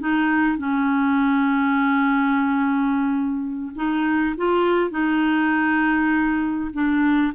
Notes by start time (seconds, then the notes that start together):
0.00 D#4
0.58 C#4
3.76 D#4
4.37 F4
4.91 D#4
6.73 D4